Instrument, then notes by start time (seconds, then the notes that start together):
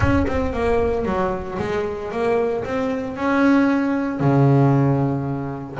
double bass
0.00 C#4
0.27 C4
0.53 A#3
1.05 F#3
1.59 G#3
2.11 A#3
2.64 C4
3.16 C#4
4.20 C#3